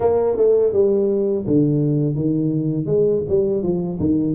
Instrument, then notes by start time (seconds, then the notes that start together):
tuba
0.00 A#3
0.36 A3
0.72 G3
1.46 D3
2.15 D#3
2.86 G#3
3.29 G3
3.62 F3
3.99 D#3